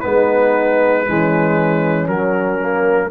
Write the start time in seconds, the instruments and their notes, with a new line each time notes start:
0.00 tuba G#3, trombone B3, horn D#4, trumpet B4
1.05 tuba E3, trombone G#3, horn C#4
2.08 tuba F#3, trombone F#3, trumpet A#4
2.59 trombone A#3